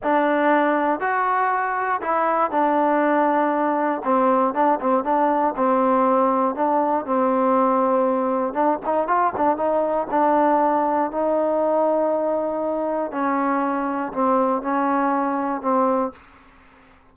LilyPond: \new Staff \with { instrumentName = "trombone" } { \time 4/4 \tempo 4 = 119 d'2 fis'2 | e'4 d'2. | c'4 d'8 c'8 d'4 c'4~ | c'4 d'4 c'2~ |
c'4 d'8 dis'8 f'8 d'8 dis'4 | d'2 dis'2~ | dis'2 cis'2 | c'4 cis'2 c'4 | }